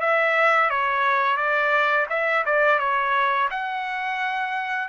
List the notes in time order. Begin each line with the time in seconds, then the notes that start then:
0.00 E5
0.69 C#5
1.36 D5
2.09 E5
2.45 D5
2.79 C#5
3.50 F#5